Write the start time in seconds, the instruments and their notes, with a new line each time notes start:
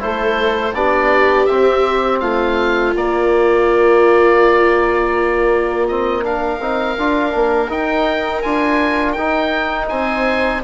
0.00 bassoon A3, trombone E4, viola A4, oboe C5
0.74 bassoon B3, trombone D4, viola G4, oboe D5
1.46 trombone C4, bassoon C4, oboe E5
2.20 bassoon A3, viola F4, oboe F5
2.96 bassoon A#3, trombone A#3, oboe D5
5.88 trombone C4, oboe D#5
6.23 trombone D4, viola A#4, oboe F5
6.59 bassoon C4, trombone D#4
6.98 bassoon D4, trombone F4
7.31 bassoon A#3, trombone D4
7.69 bassoon D#4, trombone D#4, oboe G5
8.42 bassoon D4, trombone F4, oboe G#5
9.12 bassoon D#4, trombone D#4, oboe G5
9.89 bassoon C4, viola C5, oboe G#5